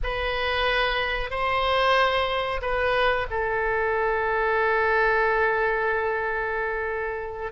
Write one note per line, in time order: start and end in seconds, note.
0.03 1.30 B4
1.30 2.61 C5
2.61 3.26 B4
3.30 7.51 A4